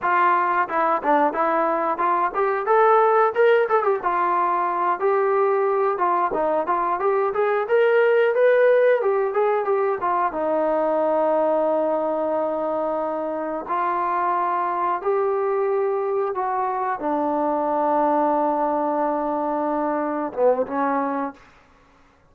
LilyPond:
\new Staff \with { instrumentName = "trombone" } { \time 4/4 \tempo 4 = 90 f'4 e'8 d'8 e'4 f'8 g'8 | a'4 ais'8 a'16 g'16 f'4. g'8~ | g'4 f'8 dis'8 f'8 g'8 gis'8 ais'8~ | ais'8 b'4 g'8 gis'8 g'8 f'8 dis'8~ |
dis'1~ | dis'8 f'2 g'4.~ | g'8 fis'4 d'2~ d'8~ | d'2~ d'8 b8 cis'4 | }